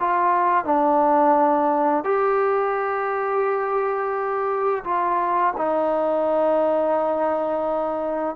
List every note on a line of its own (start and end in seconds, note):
0.00 0.65 F4
0.65 2.04 D4
2.05 4.84 G4
4.84 5.54 F4
5.57 8.36 D#4